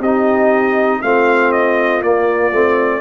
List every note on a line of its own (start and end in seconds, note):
0.00 1.00 C4
0.00 1.03 D#4
0.00 1.00 G4
0.00 1.02 D#5
1.02 2.01 A3
1.02 2.03 C4
1.02 3.01 F4
1.02 1.52 F5
1.52 2.02 D#5
2.01 2.51 A#3
2.01 2.52 A#3
2.01 3.01 D5
2.52 3.01 A3
2.52 3.01 C4